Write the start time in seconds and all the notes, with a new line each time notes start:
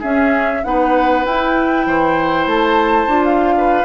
0.00 C#4 G#4 E5
0.64 B3 D#4 B4 F#5
1.25 E4 G5
1.86 E3 C5
2.46 A3 A5
3.07 D4 F4
3.25 F5
3.58 B4